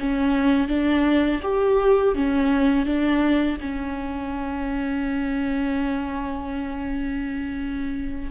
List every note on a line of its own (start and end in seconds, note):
0.00 0.68 C#4
0.68 1.41 D4
1.43 2.15 G4
2.15 2.86 C#4
2.86 3.58 D4
3.61 8.31 C#4